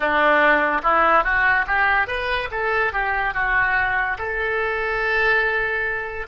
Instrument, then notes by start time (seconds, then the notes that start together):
oboe
0.00 D4
0.83 E4
1.23 F#4
1.67 G4
2.07 B4
2.51 A4
2.92 G4
3.34 F#4
4.18 A4